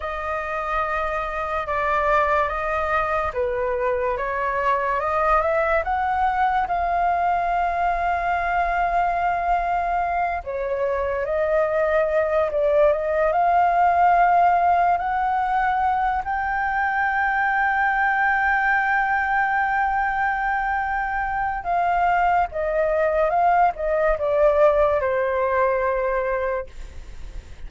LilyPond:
\new Staff \with { instrumentName = "flute" } { \time 4/4 \tempo 4 = 72 dis''2 d''4 dis''4 | b'4 cis''4 dis''8 e''8 fis''4 | f''1~ | f''8 cis''4 dis''4. d''8 dis''8 |
f''2 fis''4. g''8~ | g''1~ | g''2 f''4 dis''4 | f''8 dis''8 d''4 c''2 | }